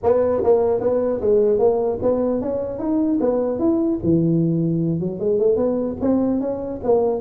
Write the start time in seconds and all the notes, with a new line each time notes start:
0.03 B3
0.43 A#3
0.80 B3
1.20 G#3
1.59 A#3
2.02 B3
2.41 C#4
2.79 D#4
3.20 B3
3.59 E4
4.03 E3
4.99 F#3
5.19 G#3
5.39 A3
5.56 B3
6.01 C4
6.40 C#4
6.83 A#3